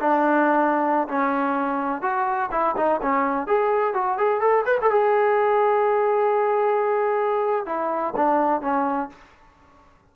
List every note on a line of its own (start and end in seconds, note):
0.00 1.08 D4
1.08 2.02 C#4
2.02 2.50 F#4
2.52 2.76 E4
2.77 3.01 D#4
3.02 3.47 C#4
3.47 3.94 G#4
3.94 4.18 F#4
4.18 4.41 G#4
4.41 4.65 A4
4.66 4.78 B4
4.82 4.91 A4
4.91 7.66 G#4
7.66 8.14 E4
8.16 8.62 D4
8.62 9.10 C#4